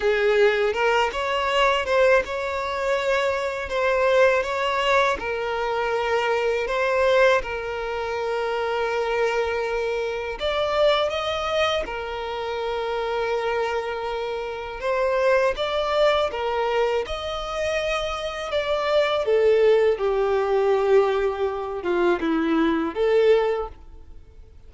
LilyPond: \new Staff \with { instrumentName = "violin" } { \time 4/4 \tempo 4 = 81 gis'4 ais'8 cis''4 c''8 cis''4~ | cis''4 c''4 cis''4 ais'4~ | ais'4 c''4 ais'2~ | ais'2 d''4 dis''4 |
ais'1 | c''4 d''4 ais'4 dis''4~ | dis''4 d''4 a'4 g'4~ | g'4. f'8 e'4 a'4 | }